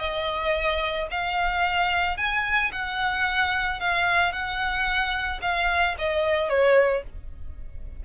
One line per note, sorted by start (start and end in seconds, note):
0.00 1.08 D#5
1.12 2.18 F5
2.18 2.72 G#5
2.72 3.81 F#5
3.81 4.33 F5
4.33 5.41 F#5
5.42 5.96 F5
5.99 6.50 D#5
6.50 7.04 C#5